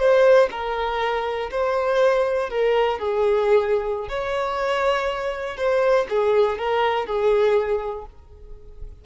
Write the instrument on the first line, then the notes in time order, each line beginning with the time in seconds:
violin
0.00 C5
0.51 A#4
1.51 C5
2.50 A#4
3.00 G#4
4.09 C#5
5.57 C5
6.10 G#4
6.59 A#4
7.07 G#4